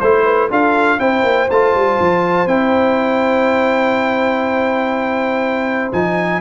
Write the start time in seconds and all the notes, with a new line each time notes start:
0.00 A3 E4 C5
0.25 B4
0.51 D4 F4 A4 F5
0.99 C4 E4 C5 G5
1.23 A#3
1.51 A3 F4 A5
1.75 G3
2.00 F3
2.47 C4 E4 G5
5.93 F3 D#4 G#5